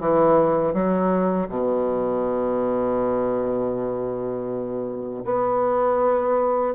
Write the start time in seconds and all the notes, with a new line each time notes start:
0.00 E3
0.74 F#3
1.49 B2
5.25 B3